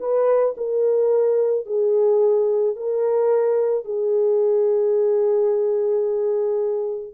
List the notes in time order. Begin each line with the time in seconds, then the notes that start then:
0.00 B4
0.57 A#4
1.66 G#4
2.76 A#4
3.85 G#4